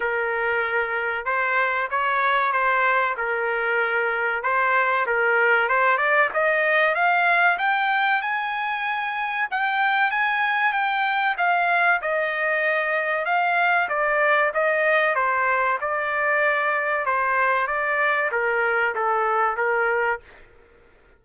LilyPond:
\new Staff \with { instrumentName = "trumpet" } { \time 4/4 \tempo 4 = 95 ais'2 c''4 cis''4 | c''4 ais'2 c''4 | ais'4 c''8 d''8 dis''4 f''4 | g''4 gis''2 g''4 |
gis''4 g''4 f''4 dis''4~ | dis''4 f''4 d''4 dis''4 | c''4 d''2 c''4 | d''4 ais'4 a'4 ais'4 | }